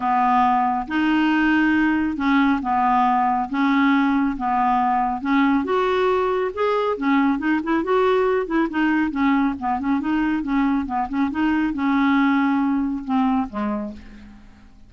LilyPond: \new Staff \with { instrumentName = "clarinet" } { \time 4/4 \tempo 4 = 138 b2 dis'2~ | dis'4 cis'4 b2 | cis'2 b2 | cis'4 fis'2 gis'4 |
cis'4 dis'8 e'8 fis'4. e'8 | dis'4 cis'4 b8 cis'8 dis'4 | cis'4 b8 cis'8 dis'4 cis'4~ | cis'2 c'4 gis4 | }